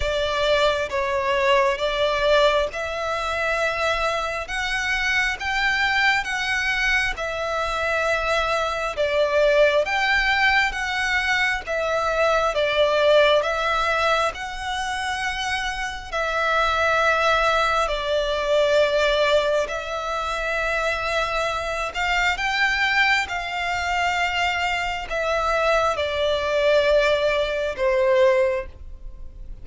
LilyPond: \new Staff \with { instrumentName = "violin" } { \time 4/4 \tempo 4 = 67 d''4 cis''4 d''4 e''4~ | e''4 fis''4 g''4 fis''4 | e''2 d''4 g''4 | fis''4 e''4 d''4 e''4 |
fis''2 e''2 | d''2 e''2~ | e''8 f''8 g''4 f''2 | e''4 d''2 c''4 | }